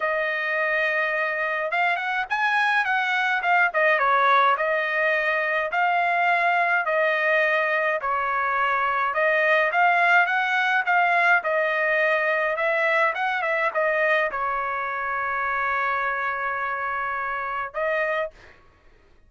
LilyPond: \new Staff \with { instrumentName = "trumpet" } { \time 4/4 \tempo 4 = 105 dis''2. f''8 fis''8 | gis''4 fis''4 f''8 dis''8 cis''4 | dis''2 f''2 | dis''2 cis''2 |
dis''4 f''4 fis''4 f''4 | dis''2 e''4 fis''8 e''8 | dis''4 cis''2.~ | cis''2. dis''4 | }